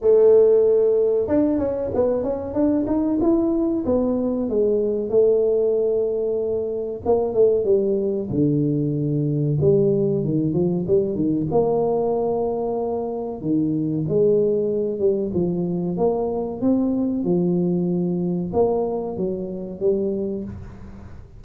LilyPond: \new Staff \with { instrumentName = "tuba" } { \time 4/4 \tempo 4 = 94 a2 d'8 cis'8 b8 cis'8 | d'8 dis'8 e'4 b4 gis4 | a2. ais8 a8 | g4 d2 g4 |
dis8 f8 g8 dis8 ais2~ | ais4 dis4 gis4. g8 | f4 ais4 c'4 f4~ | f4 ais4 fis4 g4 | }